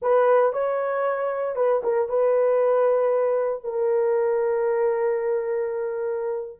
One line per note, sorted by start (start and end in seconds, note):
0.02 0.52 B4
0.52 1.55 C#5
1.55 1.81 B4
1.83 2.09 A#4
2.09 3.63 B4
3.63 6.60 A#4